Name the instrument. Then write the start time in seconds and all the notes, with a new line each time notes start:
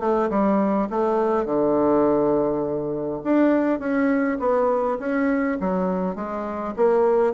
bassoon
0.00 A3
0.30 G3
0.90 A3
1.45 D3
3.24 D4
3.79 C#4
4.39 B3
4.99 C#4
5.60 F#3
6.15 G#3
6.76 A#3